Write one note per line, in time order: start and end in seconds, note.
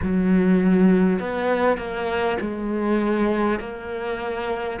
0.02 1.19 F#3
1.19 1.77 B3
1.77 2.37 A#3
2.40 3.59 G#3
3.59 4.79 A#3